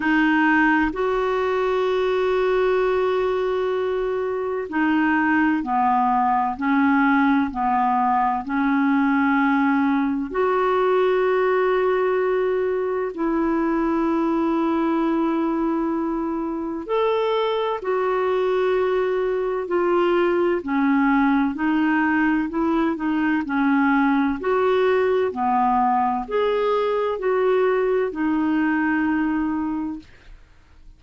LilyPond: \new Staff \with { instrumentName = "clarinet" } { \time 4/4 \tempo 4 = 64 dis'4 fis'2.~ | fis'4 dis'4 b4 cis'4 | b4 cis'2 fis'4~ | fis'2 e'2~ |
e'2 a'4 fis'4~ | fis'4 f'4 cis'4 dis'4 | e'8 dis'8 cis'4 fis'4 b4 | gis'4 fis'4 dis'2 | }